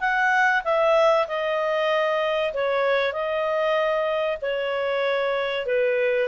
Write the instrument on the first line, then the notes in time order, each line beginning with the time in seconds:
clarinet
0.00 F#5
0.64 E5
1.28 D#5
2.54 C#5
3.13 D#5
4.41 C#5
5.66 B4